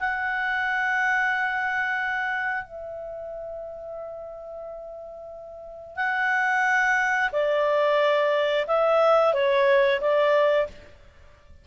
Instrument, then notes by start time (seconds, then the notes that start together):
clarinet
0.00 F#5
2.64 E5
5.97 F#5
7.33 D5
8.68 E5
9.34 C#5
10.01 D5